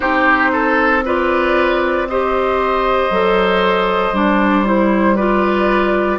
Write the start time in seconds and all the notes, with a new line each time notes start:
0.00 C4 D#4 G4 C5
0.52 A4
1.04 F4 B4 D5
2.08 G4 C5 D#5
3.10 F#3 A4
4.11 G3 D4 D5
4.64 E4 C5
5.15 F4 B4 D5